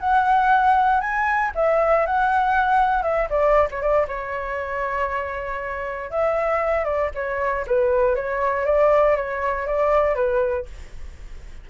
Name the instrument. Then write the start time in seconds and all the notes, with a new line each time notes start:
flute
0.00 F#5
1.01 G#5
1.55 E5
2.06 F#5
3.03 E5
3.30 D5
3.71 C#5
3.81 D5
4.08 C#5
6.10 E5
6.85 D5
7.15 C#5
7.67 B4
8.15 C#5
8.66 D5
9.16 C#5
9.67 D5
10.15 B4